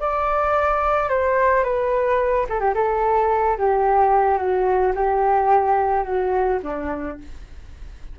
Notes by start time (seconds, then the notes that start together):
0.00 D5
1.09 C5
1.64 B4
2.49 A4
2.60 G4
2.74 A4
3.58 G4
4.38 F#4
4.95 G4
6.04 F#4
6.63 D4